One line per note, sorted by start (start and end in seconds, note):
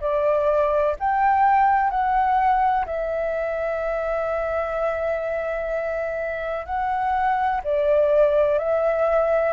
0.00 0.95 D5
0.99 1.90 G5
1.90 2.85 F#5
2.86 6.65 E5
6.65 7.61 F#5
7.64 8.58 D5
8.58 9.53 E5